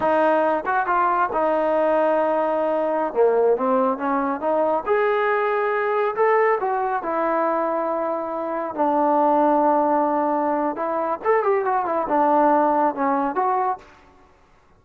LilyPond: \new Staff \with { instrumentName = "trombone" } { \time 4/4 \tempo 4 = 139 dis'4. fis'8 f'4 dis'4~ | dis'2.~ dis'16 ais8.~ | ais16 c'4 cis'4 dis'4 gis'8.~ | gis'2~ gis'16 a'4 fis'8.~ |
fis'16 e'2.~ e'8.~ | e'16 d'2.~ d'8.~ | d'4 e'4 a'8 g'8 fis'8 e'8 | d'2 cis'4 fis'4 | }